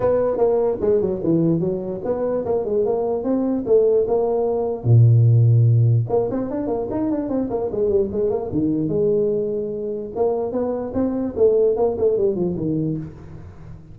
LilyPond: \new Staff \with { instrumentName = "tuba" } { \time 4/4 \tempo 4 = 148 b4 ais4 gis8 fis8 e4 | fis4 b4 ais8 gis8 ais4 | c'4 a4 ais2 | ais,2. ais8 c'8 |
d'8 ais8 dis'8 d'8 c'8 ais8 gis8 g8 | gis8 ais8 dis4 gis2~ | gis4 ais4 b4 c'4 | a4 ais8 a8 g8 f8 dis4 | }